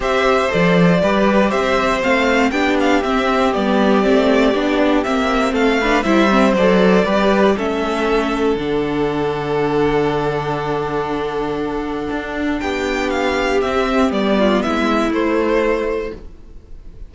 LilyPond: <<
  \new Staff \with { instrumentName = "violin" } { \time 4/4 \tempo 4 = 119 e''4 d''2 e''4 | f''4 g''8 f''8 e''4 d''4~ | d''2 e''4 f''4 | e''4 d''2 e''4~ |
e''4 fis''2.~ | fis''1~ | fis''4 g''4 f''4 e''4 | d''4 e''4 c''2 | }
  \new Staff \with { instrumentName = "violin" } { \time 4/4 c''2 b'4 c''4~ | c''4 g'2.~ | g'2. a'8 b'8 | c''2 b'4 a'4~ |
a'1~ | a'1~ | a'4 g'2.~ | g'8 f'8 e'2. | }
  \new Staff \with { instrumentName = "viola" } { \time 4/4 g'4 a'4 g'2 | c'4 d'4 c'4 b4 | c'4 d'4 c'4. d'8 | e'8 c'8 a'4 g'4 cis'4~ |
cis'4 d'2.~ | d'1~ | d'2. c'4 | b2 a2 | }
  \new Staff \with { instrumentName = "cello" } { \time 4/4 c'4 f4 g4 c'4 | a4 b4 c'4 g4 | a4 b4 ais4 a4 | g4 fis4 g4 a4~ |
a4 d2.~ | d1 | d'4 b2 c'4 | g4 gis4 a2 | }
>>